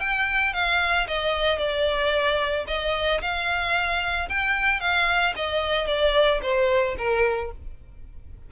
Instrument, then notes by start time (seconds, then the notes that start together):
violin
0.00 G5
0.54 F5
1.08 D#5
1.59 D5
2.68 D#5
3.22 F5
4.30 G5
4.80 F5
5.36 D#5
5.87 D5
6.42 C5
6.98 A#4